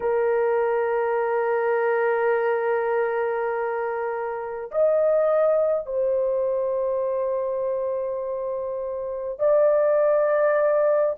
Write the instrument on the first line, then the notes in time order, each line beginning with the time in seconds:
horn
0.00 A#4
4.71 D#5
5.86 C5
9.39 D5